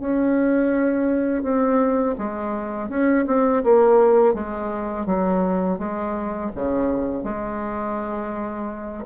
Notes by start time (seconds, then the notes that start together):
0.00 C#4
1.43 C4
2.18 G#3
2.89 C#4
3.27 C4
3.63 A#3
4.34 G#3
5.06 F#3
5.79 G#3
6.55 C#3
7.24 G#3